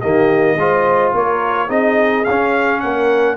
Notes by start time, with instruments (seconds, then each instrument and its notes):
0.00 tuba D#3, trombone A#3, horn G4, trumpet D#5
0.56 tuba G#3, trombone F4, horn C5
1.14 tuba A#3, horn A#4, trumpet C#5
1.68 tuba C4, trombone D#4, horn G#4, trumpet D#5
2.25 tuba C#4, trumpet F5
2.31 trombone C#4
2.80 tuba A#3, horn A#4, trumpet F#5